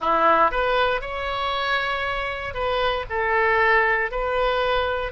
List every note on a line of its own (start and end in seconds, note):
0.00 0.51 E4
0.51 1.01 B4
1.01 2.53 C#5
2.53 3.05 B4
3.09 4.11 A4
4.11 5.11 B4